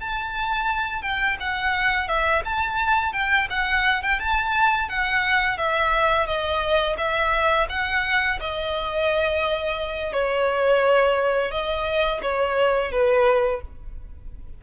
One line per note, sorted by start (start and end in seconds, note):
0.00 1.02 A5
1.02 1.37 G5
1.40 2.08 F#5
2.08 2.43 E5
2.45 3.13 A5
3.13 3.48 G5
3.50 4.02 F#5
4.02 4.20 G5
4.20 4.89 A5
4.89 5.58 F#5
5.58 6.26 E5
6.26 6.96 D#5
6.97 7.67 E5
7.69 8.39 F#5
8.40 10.13 D#5
10.13 11.51 C#5
11.51 12.21 D#5
12.22 12.91 C#5
12.91 13.61 B4